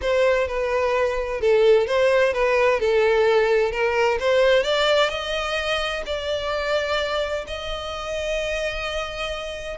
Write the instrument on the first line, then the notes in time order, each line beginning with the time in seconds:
violin
0.01 C5
0.47 B4
1.40 A4
1.86 C5
2.33 B4
2.80 A4
3.71 A#4
4.19 C5
4.63 D5
5.09 D#5
6.05 D5
7.47 D#5